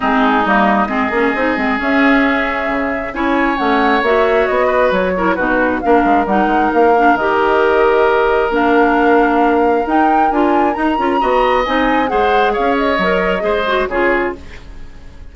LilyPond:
<<
  \new Staff \with { instrumentName = "flute" } { \time 4/4 \tempo 4 = 134 gis'4 dis''2. | e''2. gis''4 | fis''4 e''4 dis''4 cis''4 | b'4 f''4 fis''4 f''4 |
dis''2. f''4~ | f''2 g''4 gis''4 | ais''2 gis''4 fis''4 | f''8 dis''2~ dis''8 cis''4 | }
  \new Staff \with { instrumentName = "oboe" } { \time 4/4 dis'2 gis'2~ | gis'2. cis''4~ | cis''2~ cis''8 b'4 ais'8 | fis'4 ais'2.~ |
ais'1~ | ais'1~ | ais'4 dis''2 c''4 | cis''2 c''4 gis'4 | }
  \new Staff \with { instrumentName = "clarinet" } { \time 4/4 c'4 ais4 c'8 cis'8 dis'8 c'8 | cis'2. e'4 | cis'4 fis'2~ fis'8 e'8 | dis'4 d'4 dis'4. d'8 |
g'2. d'4~ | d'2 dis'4 f'4 | dis'8 f'8 fis'4 dis'4 gis'4~ | gis'4 ais'4 gis'8 fis'8 f'4 | }
  \new Staff \with { instrumentName = "bassoon" } { \time 4/4 gis4 g4 gis8 ais8 c'8 gis8 | cis'2 cis4 cis'4 | a4 ais4 b4 fis4 | b,4 ais8 gis8 g8 gis8 ais4 |
dis2. ais4~ | ais2 dis'4 d'4 | dis'8 cis'8 b4 c'4 gis4 | cis'4 fis4 gis4 cis4 | }
>>